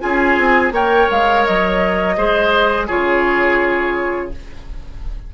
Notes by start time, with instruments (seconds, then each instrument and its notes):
0.00 bassoon C#4, clarinet F4, oboe G#4, flute G#5
0.38 bassoon C4
0.71 bassoon A#3, clarinet A#4, oboe C#5, flute G5
1.10 bassoon G#3, flute F5
1.46 bassoon F#3, flute D#5
2.17 bassoon G#3, clarinet G#4, oboe C5
2.87 bassoon C#3, clarinet F4, oboe G#4, flute C#5